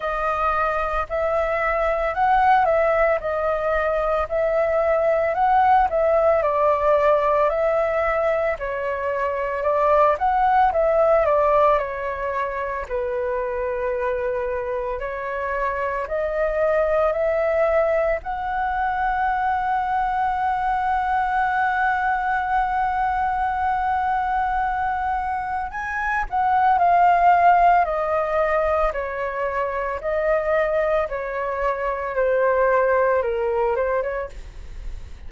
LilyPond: \new Staff \with { instrumentName = "flute" } { \time 4/4 \tempo 4 = 56 dis''4 e''4 fis''8 e''8 dis''4 | e''4 fis''8 e''8 d''4 e''4 | cis''4 d''8 fis''8 e''8 d''8 cis''4 | b'2 cis''4 dis''4 |
e''4 fis''2.~ | fis''1 | gis''8 fis''8 f''4 dis''4 cis''4 | dis''4 cis''4 c''4 ais'8 c''16 cis''16 | }